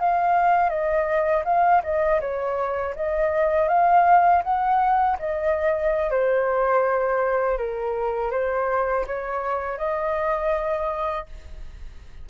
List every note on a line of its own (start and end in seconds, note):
0.00 0.69 F5
0.69 1.43 D#5
1.45 1.82 F5
1.84 2.21 D#5
2.21 2.95 C#5
2.96 3.69 D#5
3.69 4.43 F5
4.43 5.18 F#5
5.19 6.11 D#5
6.11 7.58 C5
7.58 8.31 A#4
8.31 9.05 C5
9.07 9.78 C#5
9.78 11.26 D#5